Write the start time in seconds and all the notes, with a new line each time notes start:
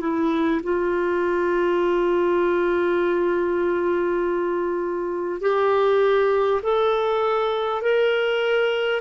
0.00 E4
0.63 F4
5.41 G4
6.62 A4
7.82 A#4